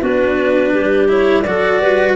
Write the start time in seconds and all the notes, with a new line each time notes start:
0.00 B3 D4 F#4 B4
0.72 G3 G4
1.08 E4 C#5
1.42 F#3 F#4 A4 D5
1.81 G3 B4